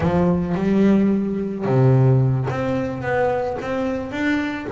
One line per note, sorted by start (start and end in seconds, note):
0.00 0.55 F3
0.55 1.64 G3
1.64 2.47 C3
2.49 3.02 C4
3.02 3.57 B3
3.61 4.11 C4
4.11 4.66 D4